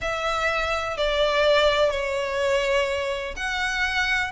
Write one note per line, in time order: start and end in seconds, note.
0.01 0.97 E5
0.97 1.90 D5
1.90 3.34 C#5
3.36 4.31 F#5